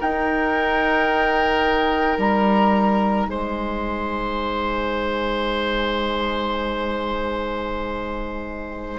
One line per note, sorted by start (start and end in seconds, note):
0.00 8.99 D#4
0.00 2.18 D#4
0.00 3.27 A#4
0.00 2.19 G5
2.18 3.27 G3
2.18 3.29 A#5
3.27 8.99 G#3
3.27 8.99 C5
3.27 8.99 G#5